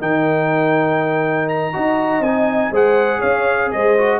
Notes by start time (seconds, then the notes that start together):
0.00 D#3 D#4 A#4 G5
1.49 A#5
1.74 D#4 F#4 D#5
2.20 C4 D#4 G#5
2.71 G#3 G#4 C5 F#5
3.19 C#4 C#5 F5
3.72 G#3 C5 D#5
3.98 F#4